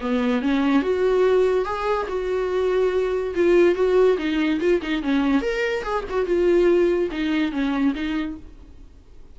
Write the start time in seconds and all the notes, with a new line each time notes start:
0.00 B3
0.42 C#4
0.82 F#4
1.65 G#4
2.08 F#4
3.34 F4
3.75 F#4
4.17 D#4
4.60 F4
4.81 D#4
5.02 C#4
5.41 A#4
5.82 G#4
6.09 F#4
6.25 F4
7.11 D#4
7.51 C#4
7.94 D#4